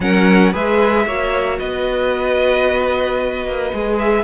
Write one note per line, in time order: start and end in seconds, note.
0.00 0.53 F#3
0.00 0.52 C#4
0.00 0.52 A#4
0.00 0.54 F#5
0.52 1.06 G#3
0.52 1.06 G#4
0.52 1.05 B4
0.52 1.58 E5
1.06 1.59 A#3
1.06 3.73 F#4
1.06 1.59 C#5
1.58 3.45 B3
1.58 4.23 B4
1.58 3.97 D#5
3.45 3.72 A#3
3.73 4.23 G#3
3.73 4.23 G#4
3.99 4.23 E5